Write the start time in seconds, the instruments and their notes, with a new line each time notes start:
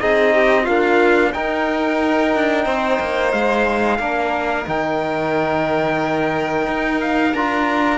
0.00 cello C4, trombone D#4, violin G#4, trumpet D#5
0.34 violin G4
0.63 trombone A#3, cello D4, violin F4, trumpet F5
1.32 trombone D#4, cello D#4, violin A#4, trumpet G5
2.35 cello D4
2.64 cello C4, violin C5
2.99 cello A#3
3.32 cello G#3, trumpet F5
3.99 cello A#3, trombone D4, violin A#4
4.66 cello D#3, trombone D#4, trumpet G5
6.67 cello D#4
7.01 trumpet F5
7.33 cello D4, trombone F4, trumpet A#5